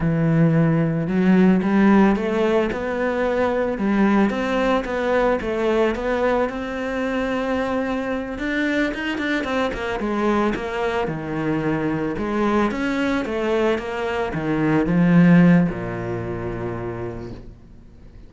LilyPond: \new Staff \with { instrumentName = "cello" } { \time 4/4 \tempo 4 = 111 e2 fis4 g4 | a4 b2 g4 | c'4 b4 a4 b4 | c'2.~ c'8 d'8~ |
d'8 dis'8 d'8 c'8 ais8 gis4 ais8~ | ais8 dis2 gis4 cis'8~ | cis'8 a4 ais4 dis4 f8~ | f4 ais,2. | }